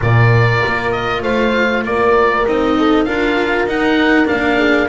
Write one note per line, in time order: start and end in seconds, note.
0.01 0.63 A#2
0.01 2.46 F4
0.01 1.22 A#4
0.01 0.91 D5
0.65 1.22 A#3
0.91 1.22 D#5
1.22 1.83 A3
1.22 1.83 C5
1.22 1.84 F5
1.84 2.45 A#3
1.84 2.78 A#4
1.84 2.47 D5
2.46 3.07 C4
2.46 3.06 D#4
2.46 3.04 D#5
2.78 3.05 A4
3.04 3.65 D4
3.04 3.67 F4
3.04 4.57 A#4
3.04 3.65 F5
3.65 4.26 D#4
3.65 4.25 D#4
3.65 4.27 F#5
4.25 4.87 D4
4.25 4.88 F5
4.32 4.88 A#3
4.57 4.87 G#4